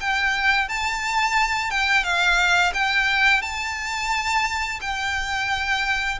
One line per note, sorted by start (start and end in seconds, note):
0.00 0.68 G5
0.68 1.71 A5
1.71 2.03 G5
2.03 2.72 F5
2.74 3.42 G5
3.42 4.80 A5
4.81 6.19 G5